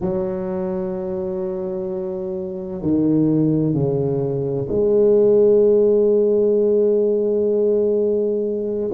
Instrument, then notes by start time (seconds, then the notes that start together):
tuba
0.00 F#3
2.81 D#3
3.73 C#3
4.68 G#3